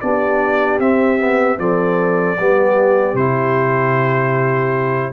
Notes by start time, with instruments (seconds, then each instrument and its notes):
0.00 tuba B3, trombone D4, horn G4, trumpet D5
0.79 tuba C4, trombone C4, trumpet E5
1.18 trombone B3
1.58 tuba F3, trombone C4, horn A4, trumpet D5
2.38 tuba G3, trombone B3, horn G4
3.13 tuba C3, trombone E4, trumpet C5